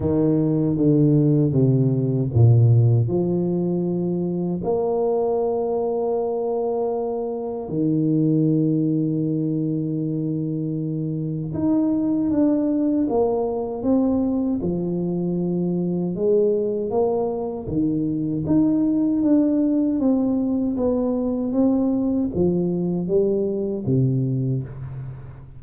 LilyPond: \new Staff \with { instrumentName = "tuba" } { \time 4/4 \tempo 4 = 78 dis4 d4 c4 ais,4 | f2 ais2~ | ais2 dis2~ | dis2. dis'4 |
d'4 ais4 c'4 f4~ | f4 gis4 ais4 dis4 | dis'4 d'4 c'4 b4 | c'4 f4 g4 c4 | }